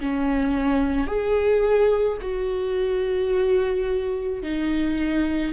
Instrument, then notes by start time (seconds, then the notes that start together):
viola
0.00 C#4
1.07 G#4
2.21 F#4
4.43 D#4